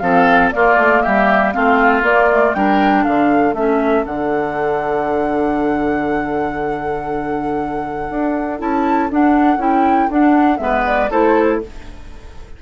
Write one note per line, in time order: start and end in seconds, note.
0.00 0.52 F3
0.00 0.52 C4
0.00 0.53 A4
0.00 0.50 F5
0.51 1.53 A#3
0.51 0.76 A#3
0.51 1.03 F4
0.51 1.01 D5
0.76 1.01 A3
1.01 1.56 G3
1.01 1.54 G4
1.01 1.52 E5
1.52 2.02 A3
1.52 2.03 C4
1.52 2.56 F4
1.52 2.02 F5
2.02 2.53 A#3
2.02 2.28 A#3
2.02 2.54 D5
2.31 2.56 A3
2.54 3.05 G3
2.54 3.55 D4
2.54 3.03 A#4
2.54 3.04 G5
3.03 3.53 D3
3.03 10.60 A4
3.03 3.54 F5
3.53 4.03 A3
3.53 4.06 C#4
3.53 4.05 E5
4.05 8.10 D3
4.05 8.59 D4
4.05 8.59 F#5
8.10 8.60 D4
8.59 9.11 C#4
8.59 9.09 E4
8.59 9.10 A5
9.11 9.57 D4
9.11 9.58 D4
9.11 9.61 F#5
9.57 10.07 C#4
9.57 10.09 E4
9.57 10.11 G5
10.10 10.59 D4
10.10 10.58 D4
10.10 10.58 F#5
10.58 11.09 G#3
10.58 11.09 B3
10.58 11.10 B4
10.58 10.83 E5
10.86 11.11 D5
11.10 11.62 A3
11.10 11.62 E4
11.10 11.61 A4
11.10 11.61 C5